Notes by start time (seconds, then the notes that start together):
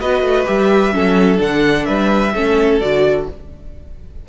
0.00 B3 F#4 B4 D#5
0.21 A3
0.46 G3 G4 E5
0.92 F#3 C#4 A4
1.37 D3 D4 F#5
1.85 G3 B4 E5
2.34 A3 C#4 A4
2.80 D3 F#4 D5